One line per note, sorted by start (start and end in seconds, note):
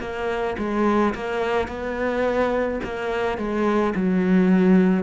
0.00 0.56 A#3
0.58 1.14 G#3
1.14 1.67 A#3
1.67 2.80 B3
2.83 3.37 A#3
3.37 3.94 G#3
3.95 5.03 F#3